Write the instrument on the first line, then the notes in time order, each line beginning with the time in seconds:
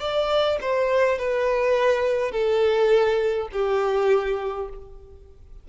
violin
0.00 D5
0.61 C5
1.19 B4
2.32 A4
3.52 G4